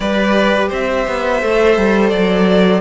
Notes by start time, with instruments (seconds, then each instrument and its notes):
0.00 cello G3, viola G4, violin B4 D5
0.68 cello C4, violin C5 E5
1.07 cello B3
1.41 cello A3, viola A4
1.77 cello G3
2.09 cello F#3, violin D5